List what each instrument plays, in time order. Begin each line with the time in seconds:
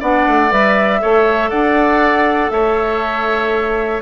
0.00 bassoon B3, clarinet D4, oboe D5, flute F#5
0.27 bassoon A3
0.50 bassoon G3, clarinet B4, flute E5
1.00 bassoon A3, clarinet A4, oboe C#5
1.50 bassoon D4, oboe D5, flute F#5
2.50 bassoon A3, oboe C#5, flute E5